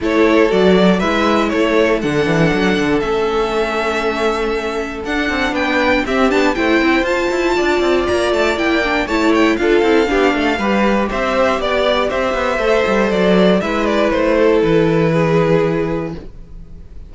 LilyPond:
<<
  \new Staff \with { instrumentName = "violin" } { \time 4/4 \tempo 4 = 119 cis''4 d''4 e''4 cis''4 | fis''2 e''2~ | e''2 fis''4 g''4 | e''8 a''8 g''4 a''2 |
ais''8 a''8 g''4 a''8 g''8 f''4~ | f''2 e''4 d''4 | e''2 d''4 e''8 d''8 | c''4 b'2. | }
  \new Staff \with { instrumentName = "violin" } { \time 4/4 a'2 b'4 a'4~ | a'1~ | a'2. b'4 | g'4 c''2 d''4~ |
d''2 cis''4 a'4 | g'8 a'8 b'4 c''4 d''4 | c''2. b'4~ | b'8 a'4. gis'2 | }
  \new Staff \with { instrumentName = "viola" } { \time 4/4 e'4 fis'4 e'2 | d'2 cis'2~ | cis'2 d'2 | c'8 d'8 e'4 f'2~ |
f'4 e'8 d'8 e'4 f'8 e'8 | d'4 g'2.~ | g'4 a'2 e'4~ | e'1 | }
  \new Staff \with { instrumentName = "cello" } { \time 4/4 a4 fis4 gis4 a4 | d8 e8 fis8 d8 a2~ | a2 d'8 c'8 b4 | c'8 b8 a8 c'8 f'8 e'8 d'8 c'8 |
ais8 a8 ais4 a4 d'8 c'8 | b8 a8 g4 c'4 b4 | c'8 b8 a8 g8 fis4 gis4 | a4 e2. | }
>>